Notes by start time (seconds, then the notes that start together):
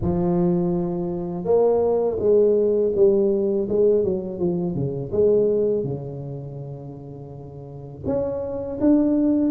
0.01 F3
1.44 A#3
2.19 G#3
2.95 G3
3.68 G#3
4.04 F#3
4.39 F3
4.74 C#3
5.12 G#3
5.84 C#3
8.06 C#4
8.80 D4